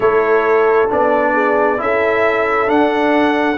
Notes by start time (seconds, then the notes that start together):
0.00 A3 E4 A4 C#5
0.88 B3 D4 D5
1.33 G#4
1.77 C#4 E4 A4 E5
2.67 D4 F#5